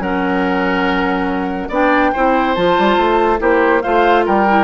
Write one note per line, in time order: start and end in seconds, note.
0.00 1.69 F#3
0.00 1.71 C#4
0.00 1.69 A#4
0.00 1.71 F#5
1.69 2.12 B3
1.69 2.14 D4
1.69 2.11 D5
1.69 2.55 G5
2.14 2.57 C4
2.14 2.57 E4
2.14 3.40 C5
2.55 2.78 F3
2.55 3.39 F4
2.55 3.39 A5
2.79 2.98 G3
2.98 3.40 A3
3.39 3.83 A#3
3.39 3.81 E4
3.39 3.83 G4
3.39 3.82 C5
3.82 4.28 A3
3.82 4.47 F4
3.82 4.26 C5
3.82 4.25 F5
4.26 4.65 G3
4.26 4.65 A#4
4.26 4.65 G5
4.49 4.65 E4